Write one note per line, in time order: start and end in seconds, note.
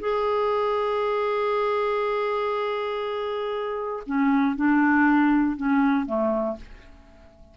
0.00 4.03 G#4
4.06 4.56 C#4
4.56 5.57 D4
5.57 6.06 C#4
6.06 6.57 A3